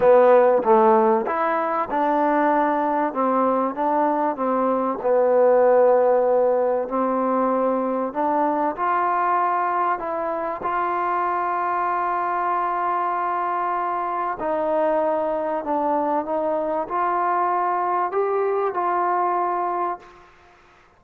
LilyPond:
\new Staff \with { instrumentName = "trombone" } { \time 4/4 \tempo 4 = 96 b4 a4 e'4 d'4~ | d'4 c'4 d'4 c'4 | b2. c'4~ | c'4 d'4 f'2 |
e'4 f'2.~ | f'2. dis'4~ | dis'4 d'4 dis'4 f'4~ | f'4 g'4 f'2 | }